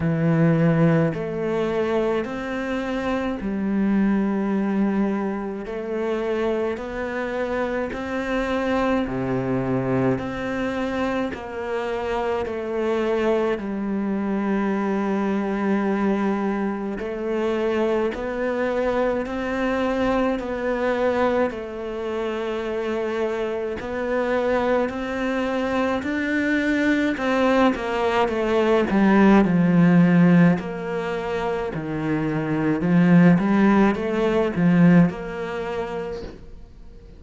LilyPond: \new Staff \with { instrumentName = "cello" } { \time 4/4 \tempo 4 = 53 e4 a4 c'4 g4~ | g4 a4 b4 c'4 | c4 c'4 ais4 a4 | g2. a4 |
b4 c'4 b4 a4~ | a4 b4 c'4 d'4 | c'8 ais8 a8 g8 f4 ais4 | dis4 f8 g8 a8 f8 ais4 | }